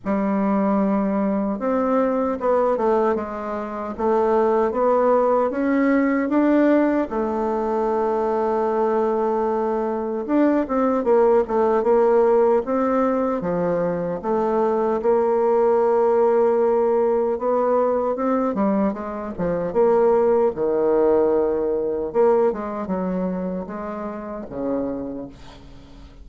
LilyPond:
\new Staff \with { instrumentName = "bassoon" } { \time 4/4 \tempo 4 = 76 g2 c'4 b8 a8 | gis4 a4 b4 cis'4 | d'4 a2.~ | a4 d'8 c'8 ais8 a8 ais4 |
c'4 f4 a4 ais4~ | ais2 b4 c'8 g8 | gis8 f8 ais4 dis2 | ais8 gis8 fis4 gis4 cis4 | }